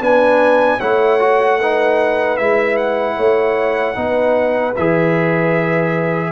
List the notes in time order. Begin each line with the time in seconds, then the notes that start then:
0.00 B3 D4 B4 G#5
0.79 A3 E4 C#5 F#5
1.19 F#4
1.61 D#4 B4
2.37 G#3 E4 E5
2.76 F#5
3.16 A3 C#5
3.95 B3 D#4 B4
4.76 E3 G#4 E5